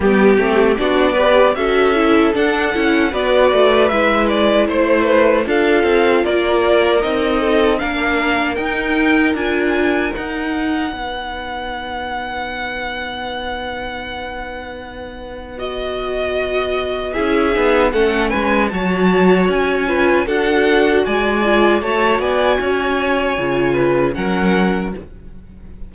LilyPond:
<<
  \new Staff \with { instrumentName = "violin" } { \time 4/4 \tempo 4 = 77 g'4 d''4 e''4 fis''4 | d''4 e''8 d''8 c''4 f''4 | d''4 dis''4 f''4 g''4 | gis''4 fis''2.~ |
fis''1 | dis''2 e''4 fis''8 gis''8 | a''4 gis''4 fis''4 gis''4 | a''8 gis''2~ gis''8 fis''4 | }
  \new Staff \with { instrumentName = "violin" } { \time 4/4 g'4 fis'8 b'8 a'2 | b'2 c''8 b'8 a'4 | ais'4. a'8 ais'2~ | ais'2 b'2~ |
b'1~ | b'2 gis'4 a'8 b'8 | cis''4. b'8 a'4 d''4 | cis''8 d''8 cis''4. b'8 ais'4 | }
  \new Staff \with { instrumentName = "viola" } { \time 4/4 b8 c'8 d'8 g'8 fis'8 e'8 d'8 e'8 | fis'4 e'2 f'4~ | f'4 dis'4 d'4 dis'4 | f'4 dis'2.~ |
dis'1 | fis'2 e'8 dis'8 cis'4 | fis'4. f'8 fis'4. f'8 | fis'2 f'4 cis'4 | }
  \new Staff \with { instrumentName = "cello" } { \time 4/4 g8 a8 b4 cis'4 d'8 cis'8 | b8 a8 gis4 a4 d'8 c'8 | ais4 c'4 ais4 dis'4 | d'4 dis'4 b2~ |
b1~ | b2 cis'8 b8 a8 gis8 | fis4 cis'4 d'4 gis4 | a8 b8 cis'4 cis4 fis4 | }
>>